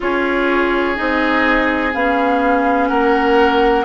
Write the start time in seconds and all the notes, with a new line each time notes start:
0.00 C#4 F4 G#4 C#5
0.96 C4 D#4 D#5
1.93 B3 C#4 F5
2.88 A#3 A#4 F#5